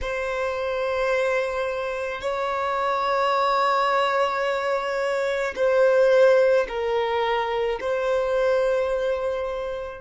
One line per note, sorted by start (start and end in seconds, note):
0.01 2.21 C5
2.21 5.54 C#5
5.55 6.66 C5
6.68 7.79 A#4
7.80 10.01 C5